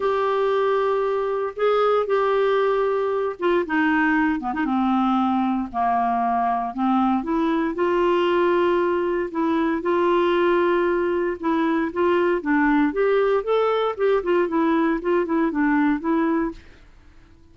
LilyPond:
\new Staff \with { instrumentName = "clarinet" } { \time 4/4 \tempo 4 = 116 g'2. gis'4 | g'2~ g'8 f'8 dis'4~ | dis'8 b16 dis'16 c'2 ais4~ | ais4 c'4 e'4 f'4~ |
f'2 e'4 f'4~ | f'2 e'4 f'4 | d'4 g'4 a'4 g'8 f'8 | e'4 f'8 e'8 d'4 e'4 | }